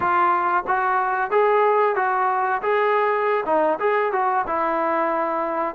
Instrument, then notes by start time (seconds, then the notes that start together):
trombone
0.00 F4
0.67 F#4
1.30 G#4
1.95 F#4
2.62 G#4
3.45 D#4
3.79 G#4
4.12 F#4
4.47 E4